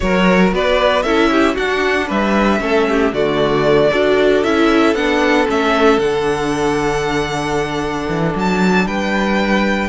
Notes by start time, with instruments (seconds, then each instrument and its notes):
0.00 cello F#3, viola F#4, violin A#4 C#5
0.52 cello B3, violin B4 D5
1.02 cello C#4, viola E4, violin A4 E5
1.31 violin G4
1.54 viola D4, cello D4, violin F#4 F#5
2.07 cello G3, violin B4 E5
2.60 cello A3, viola C#4, violin A4
2.88 violin G4
3.12 cello D3, viola A3, violin F#4 D5
3.90 cello D4, viola F#4, violin A4
4.43 cello C#4, viola E4, violin E5
4.94 cello B3, viola D4, violin F#5
5.47 cello A3, viola C#4, violin E5
5.98 cello D3, viola D4, violin F#5
8.08 cello E3
8.35 cello F#3, violin A5
8.86 cello G3, violin B4 G5